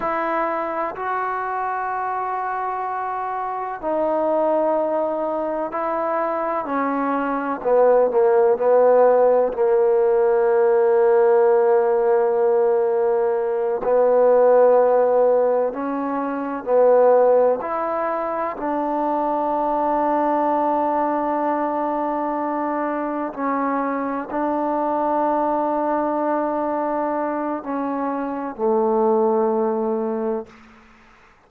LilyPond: \new Staff \with { instrumentName = "trombone" } { \time 4/4 \tempo 4 = 63 e'4 fis'2. | dis'2 e'4 cis'4 | b8 ais8 b4 ais2~ | ais2~ ais8 b4.~ |
b8 cis'4 b4 e'4 d'8~ | d'1~ | d'8 cis'4 d'2~ d'8~ | d'4 cis'4 a2 | }